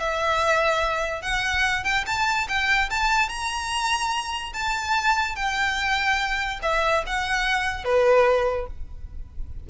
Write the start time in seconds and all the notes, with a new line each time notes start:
0.00 E5
1.22 F#5
1.84 G5
2.07 A5
2.49 G5
2.90 A5
3.29 A#5
4.53 A5
5.36 G5
6.63 E5
7.06 F#5
7.85 B4